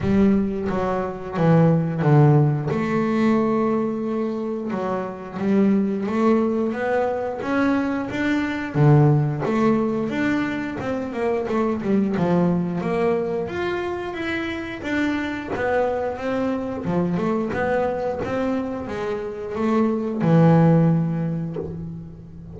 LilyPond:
\new Staff \with { instrumentName = "double bass" } { \time 4/4 \tempo 4 = 89 g4 fis4 e4 d4 | a2. fis4 | g4 a4 b4 cis'4 | d'4 d4 a4 d'4 |
c'8 ais8 a8 g8 f4 ais4 | f'4 e'4 d'4 b4 | c'4 f8 a8 b4 c'4 | gis4 a4 e2 | }